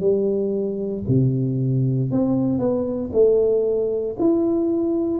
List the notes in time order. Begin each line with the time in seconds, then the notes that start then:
0.00 G3
1.08 C3
2.11 C4
2.59 B3
3.13 A3
4.19 E4